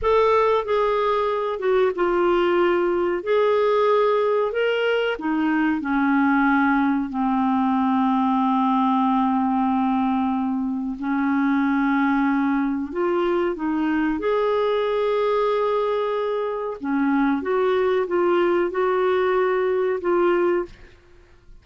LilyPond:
\new Staff \with { instrumentName = "clarinet" } { \time 4/4 \tempo 4 = 93 a'4 gis'4. fis'8 f'4~ | f'4 gis'2 ais'4 | dis'4 cis'2 c'4~ | c'1~ |
c'4 cis'2. | f'4 dis'4 gis'2~ | gis'2 cis'4 fis'4 | f'4 fis'2 f'4 | }